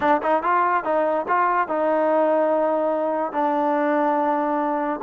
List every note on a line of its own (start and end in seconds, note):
0.00 0.21 D4
0.22 0.42 D#4
0.42 0.84 F4
0.84 1.25 D#4
1.28 1.68 F4
1.68 3.32 D#4
3.32 5.00 D4